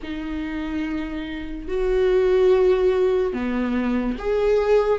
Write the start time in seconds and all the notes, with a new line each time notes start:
0.02 D#4
1.68 F#4
3.33 B3
4.18 G#4